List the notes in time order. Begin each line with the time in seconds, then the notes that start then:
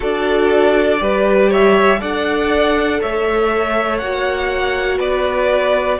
0.00 D4 F#4 A4 D5
0.99 G3 G4 B4
1.49 C#5 E5
1.99 D4 A4 D5 F#5
3.00 A3 C#5 E5
3.98 A#3 F#4 F#5
4.98 B3 B4 D5